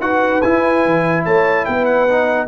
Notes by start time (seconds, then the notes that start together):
0.00 D#4 F#4 B4 F#5
0.42 E4 G#5
0.85 E3
1.25 A3 C#5 A5
1.65 B3 B4 G5
1.85 F#5
2.09 D#4